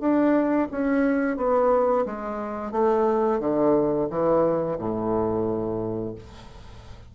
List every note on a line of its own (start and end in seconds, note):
0.00 0.68 D4
0.71 1.37 C#4
1.37 2.05 B3
2.05 2.72 G#3
2.72 3.40 A3
3.40 4.08 D3
4.10 4.78 E3
4.79 6.15 A2